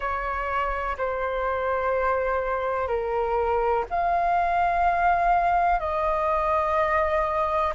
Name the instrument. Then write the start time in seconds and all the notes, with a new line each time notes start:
flute
0.00 C#5
0.97 C5
2.87 A#4
3.89 F5
5.79 D#5